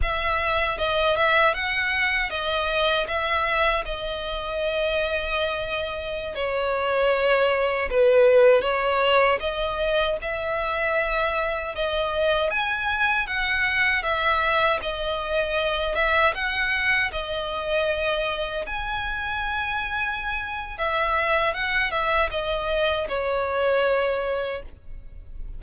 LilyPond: \new Staff \with { instrumentName = "violin" } { \time 4/4 \tempo 4 = 78 e''4 dis''8 e''8 fis''4 dis''4 | e''4 dis''2.~ | dis''16 cis''2 b'4 cis''8.~ | cis''16 dis''4 e''2 dis''8.~ |
dis''16 gis''4 fis''4 e''4 dis''8.~ | dis''8. e''8 fis''4 dis''4.~ dis''16~ | dis''16 gis''2~ gis''8. e''4 | fis''8 e''8 dis''4 cis''2 | }